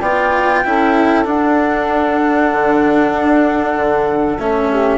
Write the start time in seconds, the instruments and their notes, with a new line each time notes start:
0.00 bassoon B3, cello F4, saxophone D5, flute G5
0.65 bassoon C#4, cello E4, saxophone A4
1.25 cello D4, bassoon D4, flute F#5
2.52 bassoon D3
3.12 bassoon D4
3.76 bassoon D3
4.39 bassoon A3, cello C#4, flute E5
4.71 saxophone G4